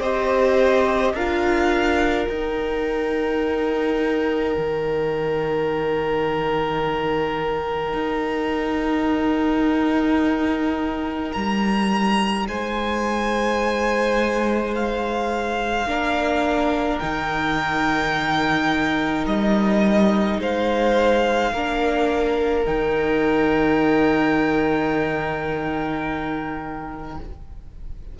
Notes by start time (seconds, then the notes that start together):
0.00 C4 G4 C5 D#5
1.13 D4 F4 A#4 F5
2.26 D#4 G5
4.57 D#3
7.93 D#4
11.33 G3 A#5
12.48 G#3 C5 G#5
14.75 F5
15.85 A#3 D4 A#4
16.98 D#3 D#4 G5
19.26 G3 D#5
20.38 G#3 C5 F5
21.52 A#3 D4 A#4
22.64 D#3 D#4 G5